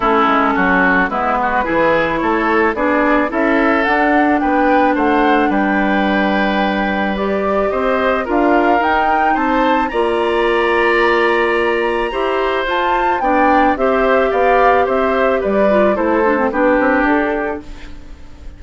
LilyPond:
<<
  \new Staff \with { instrumentName = "flute" } { \time 4/4 \tempo 4 = 109 a'2 b'2 | cis''4 d''4 e''4 fis''4 | g''4 fis''4 g''2~ | g''4 d''4 dis''4 f''4 |
g''4 a''4 ais''2~ | ais''2. a''4 | g''4 e''4 f''4 e''4 | d''4 c''4 b'4 a'4 | }
  \new Staff \with { instrumentName = "oboe" } { \time 4/4 e'4 fis'4 e'8 fis'8 gis'4 | a'4 gis'4 a'2 | b'4 c''4 b'2~ | b'2 c''4 ais'4~ |
ais'4 c''4 d''2~ | d''2 c''2 | d''4 c''4 d''4 c''4 | b'4 a'4 g'2 | }
  \new Staff \with { instrumentName = "clarinet" } { \time 4/4 cis'2 b4 e'4~ | e'4 d'4 e'4 d'4~ | d'1~ | d'4 g'2 f'4 |
dis'2 f'2~ | f'2 g'4 f'4 | d'4 g'2.~ | g'8 f'8 e'8 d'16 c'16 d'2 | }
  \new Staff \with { instrumentName = "bassoon" } { \time 4/4 a8 gis8 fis4 gis4 e4 | a4 b4 cis'4 d'4 | b4 a4 g2~ | g2 c'4 d'4 |
dis'4 c'4 ais2~ | ais2 e'4 f'4 | b4 c'4 b4 c'4 | g4 a4 b8 c'8 d'4 | }
>>